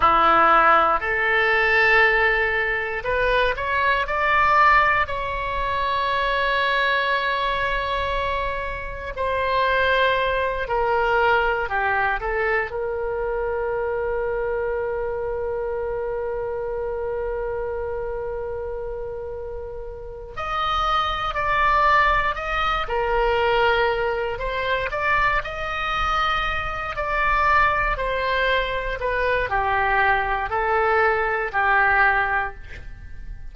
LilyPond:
\new Staff \with { instrumentName = "oboe" } { \time 4/4 \tempo 4 = 59 e'4 a'2 b'8 cis''8 | d''4 cis''2.~ | cis''4 c''4. ais'4 g'8 | a'8 ais'2.~ ais'8~ |
ais'1 | dis''4 d''4 dis''8 ais'4. | c''8 d''8 dis''4. d''4 c''8~ | c''8 b'8 g'4 a'4 g'4 | }